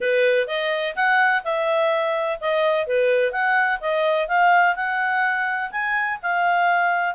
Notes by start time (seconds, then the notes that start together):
0.00 B4
0.47 D#5
0.95 F#5
1.44 E5
2.40 D#5
2.87 B4
3.32 F#5
3.80 D#5
4.28 F5
4.75 F#5
5.71 G#5
6.22 F5